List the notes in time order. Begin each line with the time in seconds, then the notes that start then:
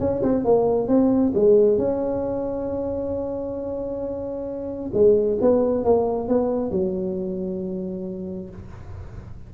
0.00 C#4
0.23 C4
0.45 A#3
0.88 C4
1.35 G#3
1.78 C#4
4.94 G#3
5.41 B3
5.85 A#3
6.28 B3
6.71 F#3